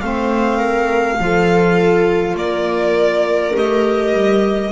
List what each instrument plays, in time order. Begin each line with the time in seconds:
0.00 double bass A3, clarinet C4, viola C5, violin F5
0.57 viola A#4
1.19 double bass F3, clarinet F4, viola A4
2.34 double bass A#3, viola A#4, violin D5
3.54 double bass A3, clarinet G4, violin D#5
4.12 double bass G3